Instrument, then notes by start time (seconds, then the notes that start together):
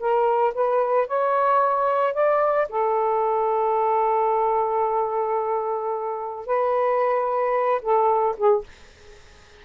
saxophone
0.00 A#4
0.54 B4
1.08 C#5
2.14 D5
2.69 A4
6.46 B4
7.82 A4
8.37 G#4